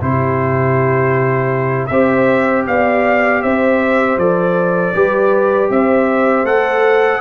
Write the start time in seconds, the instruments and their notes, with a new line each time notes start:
0.00 tuba C3, trombone E4, horn G4, trumpet C5
1.86 tuba C4, trombone G4, horn C5, trumpet E5
2.67 tuba B3, horn D5, trumpet F5
3.42 tuba C4, horn C5, trumpet E5
4.17 tuba F3, trombone A4, trumpet D5
4.94 tuba G3, trombone G4, horn B4
5.69 tuba C4, horn C5, trumpet E5
6.44 tuba A3, trombone A4, trumpet F#5